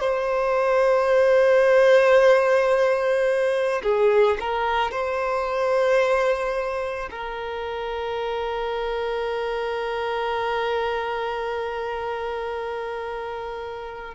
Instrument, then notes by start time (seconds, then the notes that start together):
violin
0.00 C5
3.82 G#4
4.40 A#4
4.91 C5
7.11 A#4